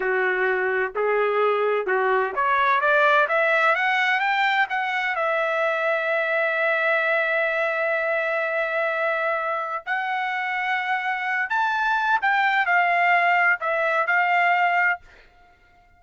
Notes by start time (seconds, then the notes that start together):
0.00 F#4
0.95 G#4
1.86 F#4
2.35 C#5
2.80 D5
3.28 E5
3.75 F#5
4.20 G5
4.69 F#5
5.15 E5
9.85 F#5
11.49 A5
12.21 G5
12.66 F5
13.60 E5
14.06 F5